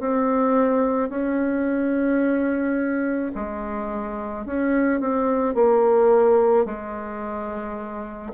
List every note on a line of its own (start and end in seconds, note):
0.00 1.10 C4
1.10 3.32 C#4
3.35 4.46 G#3
4.46 5.00 C#4
5.00 5.55 C4
5.55 6.66 A#3
6.66 8.32 G#3